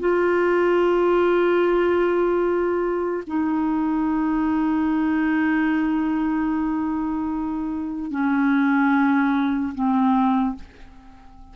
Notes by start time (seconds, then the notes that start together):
0.00 F4
3.27 D#4
8.12 C#4
9.75 C4